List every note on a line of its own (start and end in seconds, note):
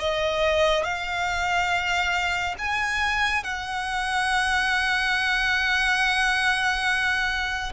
0.00 0.85 D#5
0.85 2.56 F5
2.59 3.44 G#5
3.44 7.73 F#5